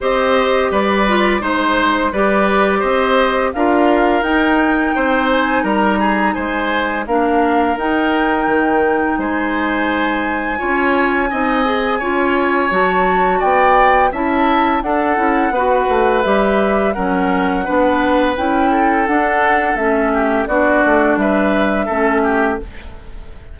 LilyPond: <<
  \new Staff \with { instrumentName = "flute" } { \time 4/4 \tempo 4 = 85 dis''4 d''4 c''4 d''4 | dis''4 f''4 g''4. gis''8 | ais''4 gis''4 f''4 g''4~ | g''4 gis''2.~ |
gis''2 a''4 g''4 | a''4 fis''2 e''4 | fis''2 g''4 fis''4 | e''4 d''4 e''2 | }
  \new Staff \with { instrumentName = "oboe" } { \time 4/4 c''4 b'4 c''4 b'4 | c''4 ais'2 c''4 | ais'8 gis'8 c''4 ais'2~ | ais'4 c''2 cis''4 |
dis''4 cis''2 d''4 | e''4 a'4 b'2 | ais'4 b'4. a'4.~ | a'8 g'8 fis'4 b'4 a'8 g'8 | }
  \new Staff \with { instrumentName = "clarinet" } { \time 4/4 g'4. f'8 dis'4 g'4~ | g'4 f'4 dis'2~ | dis'2 d'4 dis'4~ | dis'2. f'4 |
dis'8 gis'8 f'4 fis'2 | e'4 d'8 e'8 fis'4 g'4 | cis'4 d'4 e'4 d'4 | cis'4 d'2 cis'4 | }
  \new Staff \with { instrumentName = "bassoon" } { \time 4/4 c'4 g4 gis4 g4 | c'4 d'4 dis'4 c'4 | g4 gis4 ais4 dis'4 | dis4 gis2 cis'4 |
c'4 cis'4 fis4 b4 | cis'4 d'8 cis'8 b8 a8 g4 | fis4 b4 cis'4 d'4 | a4 b8 a8 g4 a4 | }
>>